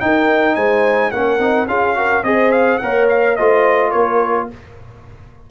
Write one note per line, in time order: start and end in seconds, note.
0.00 1.13 D#4
0.00 0.56 D#4
0.00 0.55 A#4
0.00 0.55 G5
0.55 1.12 G#3
0.55 1.11 C5
0.55 1.11 G#5
1.11 1.39 A#3
1.11 1.39 C#4
1.11 1.69 A#4
1.11 1.67 F#5
1.39 1.67 C4
1.39 1.68 D#4
1.67 2.23 C#4
1.67 1.96 F4
1.67 1.97 G#4
1.67 2.24 F5
1.96 2.24 F#4
1.96 2.25 A#4
2.23 2.79 C4
2.23 2.81 G#4
2.23 2.82 C5
2.23 2.52 D#5
2.52 2.78 F5
2.78 3.38 A#3
2.78 3.39 A#4
2.78 3.38 C#5
2.78 3.06 F#5
3.09 3.36 F5
3.36 3.94 A3
3.36 4.51 F4
3.36 3.91 C5
3.36 3.91 D#5
3.91 4.50 A#3
3.91 4.47 A#4
3.91 4.48 C#5